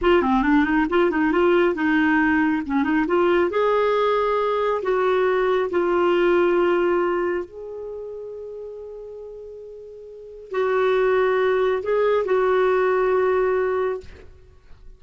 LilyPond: \new Staff \with { instrumentName = "clarinet" } { \time 4/4 \tempo 4 = 137 f'8 c'8 d'8 dis'8 f'8 dis'8 f'4 | dis'2 cis'8 dis'8 f'4 | gis'2. fis'4~ | fis'4 f'2.~ |
f'4 gis'2.~ | gis'1 | fis'2. gis'4 | fis'1 | }